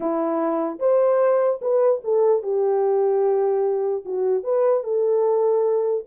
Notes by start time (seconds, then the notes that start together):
0.00 E4
0.79 C5
1.61 B4
2.03 A4
2.43 G4
4.05 F#4
4.43 B4
4.83 A4